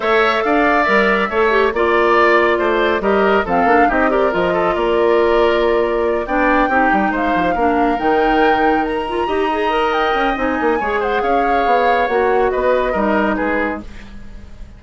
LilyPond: <<
  \new Staff \with { instrumentName = "flute" } { \time 4/4 \tempo 4 = 139 e''4 f''4 e''2 | d''2. dis''4 | f''4 dis''8 d''8 dis''4 d''4~ | d''2~ d''8 g''4.~ |
g''8 f''2 g''4.~ | g''8 ais''2~ ais''8 g''4 | gis''4. fis''8 f''2 | fis''4 dis''2 b'4 | }
  \new Staff \with { instrumentName = "oboe" } { \time 4/4 cis''4 d''2 cis''4 | d''2 c''4 ais'4 | a'4 g'8 ais'4 a'8 ais'4~ | ais'2~ ais'8 d''4 g'8~ |
g'8 c''4 ais'2~ ais'8~ | ais'4. dis''2~ dis''8~ | dis''4 cis''8 c''8 cis''2~ | cis''4 b'4 ais'4 gis'4 | }
  \new Staff \with { instrumentName = "clarinet" } { \time 4/4 a'2 ais'4 a'8 g'8 | f'2. g'4 | c'8 d'8 dis'8 g'8 f'2~ | f'2~ f'8 d'4 dis'8~ |
dis'4. d'4 dis'4.~ | dis'4 f'8 g'8 gis'8 ais'4. | dis'4 gis'2. | fis'2 dis'2 | }
  \new Staff \with { instrumentName = "bassoon" } { \time 4/4 a4 d'4 g4 a4 | ais2 a4 g4 | f8 ais8 c'4 f4 ais4~ | ais2~ ais8 b4 c'8 |
g8 gis8 f8 ais4 dis4.~ | dis4. dis'2 cis'8 | c'8 ais8 gis4 cis'4 b4 | ais4 b4 g4 gis4 | }
>>